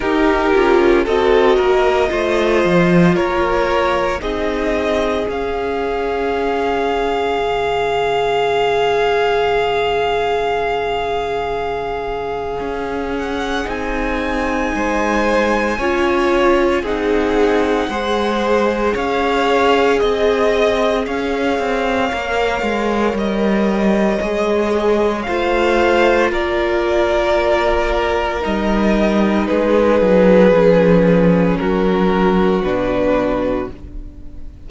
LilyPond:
<<
  \new Staff \with { instrumentName = "violin" } { \time 4/4 \tempo 4 = 57 ais'4 dis''2 cis''4 | dis''4 f''2.~ | f''1~ | f''8 fis''8 gis''2. |
fis''2 f''4 dis''4 | f''2 dis''2 | f''4 d''2 dis''4 | b'2 ais'4 b'4 | }
  \new Staff \with { instrumentName = "violin" } { \time 4/4 g'4 a'8 ais'8 c''4 ais'4 | gis'1~ | gis'1~ | gis'2 c''4 cis''4 |
gis'4 c''4 cis''4 dis''4 | cis''1 | c''4 ais'2. | gis'2 fis'2 | }
  \new Staff \with { instrumentName = "viola" } { \time 4/4 dis'8 f'8 fis'4 f'2 | dis'4 cis'2.~ | cis'1~ | cis'4 dis'2 f'4 |
dis'4 gis'2.~ | gis'4 ais'2 gis'4 | f'2. dis'4~ | dis'4 cis'2 d'4 | }
  \new Staff \with { instrumentName = "cello" } { \time 4/4 dis'8 cis'8 c'8 ais8 a8 f8 ais4 | c'4 cis'2 cis4~ | cis1 | cis'4 c'4 gis4 cis'4 |
c'4 gis4 cis'4 c'4 | cis'8 c'8 ais8 gis8 g4 gis4 | a4 ais2 g4 | gis8 fis8 f4 fis4 b,4 | }
>>